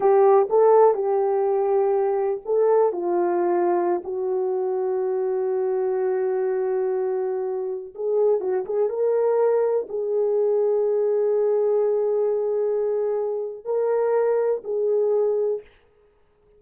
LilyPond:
\new Staff \with { instrumentName = "horn" } { \time 4/4 \tempo 4 = 123 g'4 a'4 g'2~ | g'4 a'4 f'2~ | f'16 fis'2.~ fis'8.~ | fis'1~ |
fis'16 gis'4 fis'8 gis'8 ais'4.~ ais'16~ | ais'16 gis'2.~ gis'8.~ | gis'1 | ais'2 gis'2 | }